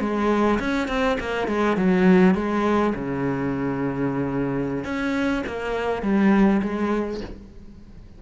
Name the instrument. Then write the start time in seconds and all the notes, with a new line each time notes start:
cello
0.00 G#3
0.59 C#4
0.88 C4
1.20 A#3
1.48 G#3
1.76 F#3
2.34 G#3
2.95 C#3
4.84 C#4
5.47 A#3
6.02 G3
6.62 G#3